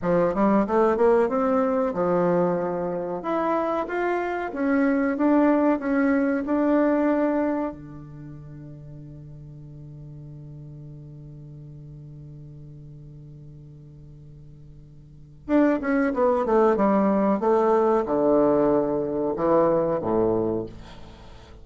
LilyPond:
\new Staff \with { instrumentName = "bassoon" } { \time 4/4 \tempo 4 = 93 f8 g8 a8 ais8 c'4 f4~ | f4 e'4 f'4 cis'4 | d'4 cis'4 d'2 | d1~ |
d1~ | d1 | d'8 cis'8 b8 a8 g4 a4 | d2 e4 a,4 | }